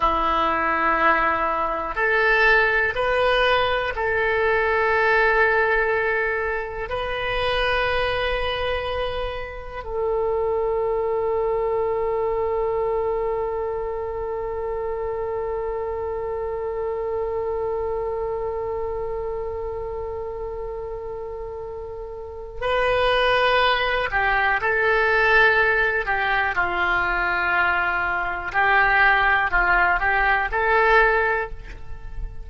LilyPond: \new Staff \with { instrumentName = "oboe" } { \time 4/4 \tempo 4 = 61 e'2 a'4 b'4 | a'2. b'4~ | b'2 a'2~ | a'1~ |
a'1~ | a'2. b'4~ | b'8 g'8 a'4. g'8 f'4~ | f'4 g'4 f'8 g'8 a'4 | }